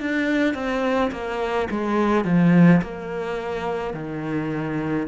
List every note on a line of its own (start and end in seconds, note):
0.00 0.55 D4
0.55 1.11 C4
1.12 1.68 A#3
1.71 2.25 G#3
2.25 2.81 F3
2.82 3.94 A#3
3.94 5.07 D#3